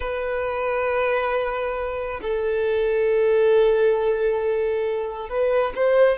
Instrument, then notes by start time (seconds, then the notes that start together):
violin
0.00 B4
2.21 A4
5.29 B4
5.75 C5